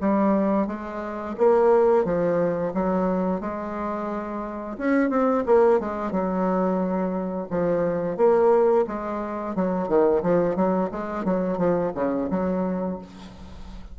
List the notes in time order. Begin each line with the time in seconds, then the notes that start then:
0.00 G3
0.67 G#3
1.38 A#3
2.05 F3
2.74 F#3
3.41 G#3
4.78 C#4
5.10 C4
5.46 A#3
5.80 G#3
6.11 F#3
7.50 F3
8.17 A#3
8.87 G#3
9.55 F#3
9.88 D#3
10.23 F3
10.56 F#3
10.91 G#3
11.25 F#3
11.58 F3
11.95 C#3
12.30 F#3